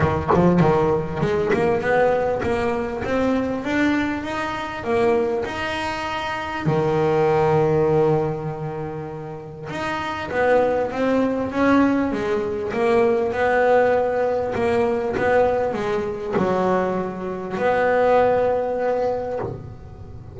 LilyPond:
\new Staff \with { instrumentName = "double bass" } { \time 4/4 \tempo 4 = 99 dis8 f8 dis4 gis8 ais8 b4 | ais4 c'4 d'4 dis'4 | ais4 dis'2 dis4~ | dis1 |
dis'4 b4 c'4 cis'4 | gis4 ais4 b2 | ais4 b4 gis4 fis4~ | fis4 b2. | }